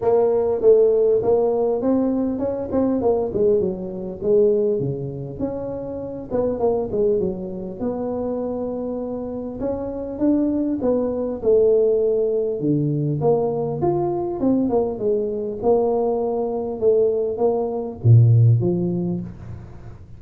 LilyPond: \new Staff \with { instrumentName = "tuba" } { \time 4/4 \tempo 4 = 100 ais4 a4 ais4 c'4 | cis'8 c'8 ais8 gis8 fis4 gis4 | cis4 cis'4. b8 ais8 gis8 | fis4 b2. |
cis'4 d'4 b4 a4~ | a4 d4 ais4 f'4 | c'8 ais8 gis4 ais2 | a4 ais4 ais,4 f4 | }